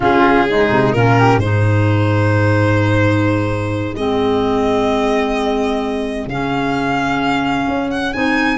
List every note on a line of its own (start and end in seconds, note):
0.00 0.69 C#3
0.00 0.46 C#4
0.00 0.46 F4
0.00 0.92 G#4
0.48 0.95 G#3
0.48 0.95 D#4
0.70 0.93 C3
0.92 1.36 A#2
0.92 1.42 C#4
0.92 1.18 F4
0.92 1.38 A#4
1.18 1.40 G4
1.36 3.92 G#2
1.36 3.97 D#4
1.36 8.58 G#4
1.36 3.94 C5
3.94 6.26 G#3
3.94 6.29 C4
3.94 6.28 D#5
6.26 7.65 C#3
6.26 8.14 C#4
6.26 7.90 F5
7.67 8.14 C#4
7.90 8.13 F#5
8.13 8.58 C4
8.13 8.58 D#4
8.13 8.58 G#5